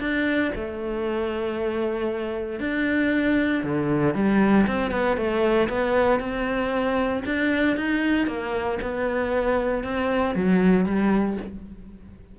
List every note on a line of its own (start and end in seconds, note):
0.00 0.52 D4
0.55 2.60 A3
2.60 3.63 D4
3.63 4.15 D3
4.15 4.66 G3
4.67 4.91 C4
4.91 5.17 B3
5.17 5.68 A3
5.69 6.20 B3
6.20 7.23 C4
7.26 7.77 D4
7.77 8.27 D#4
8.27 8.79 A#3
8.82 9.84 B3
9.84 10.35 C4
10.35 10.86 F#3
10.86 11.37 G3